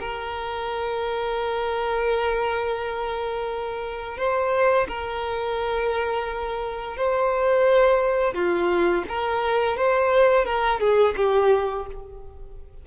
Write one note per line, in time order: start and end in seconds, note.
0.00 4.17 A#4
4.17 4.87 C5
4.88 6.96 A#4
6.96 8.34 C5
8.34 9.04 F4
9.08 9.77 A#4
9.77 10.45 C5
10.45 10.80 A#4
10.80 11.15 G#4
11.16 11.86 G4